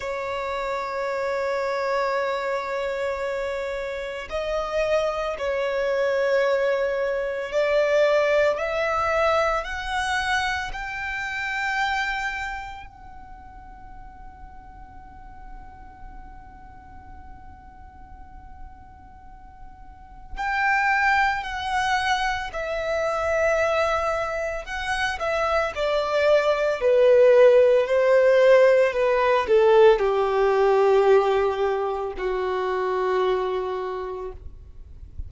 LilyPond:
\new Staff \with { instrumentName = "violin" } { \time 4/4 \tempo 4 = 56 cis''1 | dis''4 cis''2 d''4 | e''4 fis''4 g''2 | fis''1~ |
fis''2. g''4 | fis''4 e''2 fis''8 e''8 | d''4 b'4 c''4 b'8 a'8 | g'2 fis'2 | }